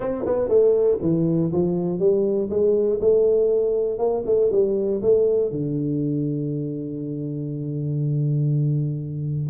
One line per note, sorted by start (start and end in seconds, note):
0.00 0.24 C4
0.25 0.48 B3
0.48 0.98 A3
1.01 1.51 E3
1.52 1.99 F3
1.99 2.49 G3
2.50 3.00 G#3
3.00 3.98 A3
3.98 4.23 A#3
4.25 4.50 A3
4.51 5.01 G3
5.02 5.51 A3
5.51 9.50 D3